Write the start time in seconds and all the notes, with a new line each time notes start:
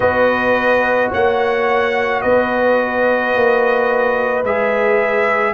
0.00 B3 F#4 B4 D#5
1.10 A#3 C#5 F#5
2.21 B3 B4 D#5
3.35 A#3
4.43 G#3 G#4 E5